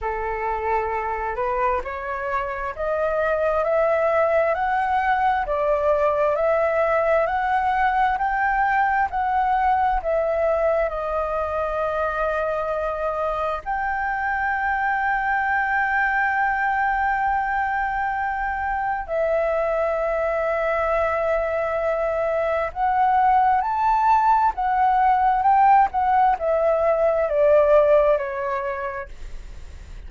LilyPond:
\new Staff \with { instrumentName = "flute" } { \time 4/4 \tempo 4 = 66 a'4. b'8 cis''4 dis''4 | e''4 fis''4 d''4 e''4 | fis''4 g''4 fis''4 e''4 | dis''2. g''4~ |
g''1~ | g''4 e''2.~ | e''4 fis''4 a''4 fis''4 | g''8 fis''8 e''4 d''4 cis''4 | }